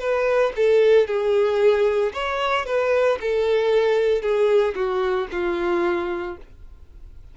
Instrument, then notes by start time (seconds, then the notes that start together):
violin
0.00 B4
0.56 A4
1.07 G#4
2.14 C#5
2.66 B4
3.21 A4
4.22 G#4
4.75 F#4
5.32 F4